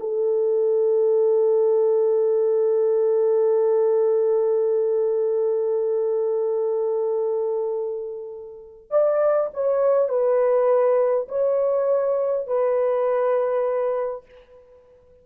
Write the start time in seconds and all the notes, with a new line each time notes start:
0.00 A4
8.91 D5
9.54 C#5
10.09 B4
11.28 C#5
12.47 B4